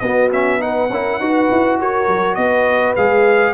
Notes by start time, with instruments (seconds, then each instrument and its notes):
0.00 tuba B3, trombone B3, horn F#4, trumpet D#5
0.32 trombone C#4, trumpet E5
0.59 trombone D#4, horn B4, trumpet F#5
0.90 tuba C#4, trombone E4, horn A#4
1.20 tuba D#4, trombone F#4, horn B4
1.52 tuba E4
1.80 tuba F#4, horn A#4, trumpet C#5
2.08 tuba F#3
2.35 tuba B3, horn B4, trumpet D#5
2.96 tuba G#3, trombone G#4, trumpet F5